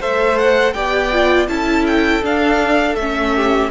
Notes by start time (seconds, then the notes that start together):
0.00 A3 A4 C5 E5
0.38 F#5
0.73 B3 G4 D5 G5
1.12 F4
1.48 C#4 E4 A4 A5
1.87 G5
2.23 D4 F5
2.95 A3 C#4 E5
3.35 G4